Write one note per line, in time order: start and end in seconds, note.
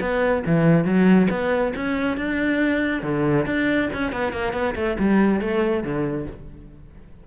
0.00 0.43 B3
0.46 0.84 E3
0.84 1.28 F#3
1.30 1.73 B3
1.75 2.17 C#4
2.17 3.02 D4
3.02 3.46 D3
3.46 3.89 D4
3.93 4.12 C#4
4.12 4.32 B3
4.32 4.52 A#3
4.52 4.74 B3
4.75 4.96 A3
4.99 5.40 G3
5.40 5.83 A3
5.83 6.26 D3